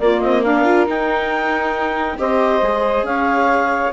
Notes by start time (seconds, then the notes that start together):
0.00 A#3 F4 D5
0.21 C4 D#5
0.42 D4 A#4 F5
0.65 F4
0.86 D#4 G5
2.18 C4 G4 C5 D#5
2.62 G#3 G#4
3.03 C#4 C#5 F5